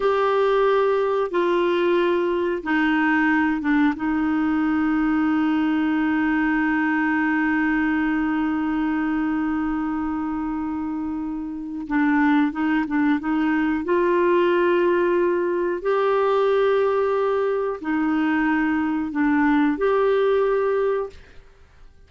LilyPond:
\new Staff \with { instrumentName = "clarinet" } { \time 4/4 \tempo 4 = 91 g'2 f'2 | dis'4. d'8 dis'2~ | dis'1~ | dis'1~ |
dis'2 d'4 dis'8 d'8 | dis'4 f'2. | g'2. dis'4~ | dis'4 d'4 g'2 | }